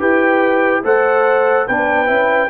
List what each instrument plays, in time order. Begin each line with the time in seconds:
0.00 tuba E4, trombone G4, horn B4, trumpet G5
0.84 tuba A3, trombone A4, horn C5, trumpet F#5
1.68 tuba B3, trombone D4, horn B4, trumpet G5
2.06 tuba C#4, trombone E4